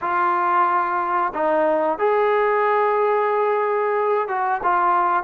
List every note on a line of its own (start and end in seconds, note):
0.01 1.32 F4
1.34 1.98 D#4
1.98 4.28 G#4
4.28 4.61 F#4
4.63 5.23 F4